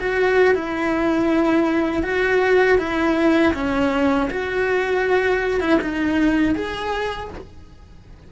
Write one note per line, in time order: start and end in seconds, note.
0.00 0.55 F#4
0.55 2.03 E4
2.03 2.78 F#4
2.79 3.54 E4
3.54 4.29 C#4
4.30 5.60 F#4
5.60 5.79 E4
5.82 6.55 D#4
6.55 7.30 G#4